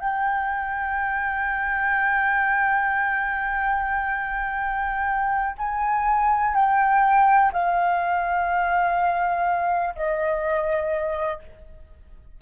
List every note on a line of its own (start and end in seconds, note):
0.00 5.56 G5
5.58 6.55 G#5
6.55 7.52 G5
7.53 9.95 F5
9.95 11.40 D#5